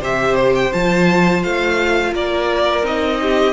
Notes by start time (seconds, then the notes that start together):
0.00 C3 G4 C5 E5
0.35 C5
0.55 G5
0.72 F3 F4 A5
1.43 A3 F5
2.12 A#3 A#4 D5
2.82 C4 D#4 D#5
3.21 G4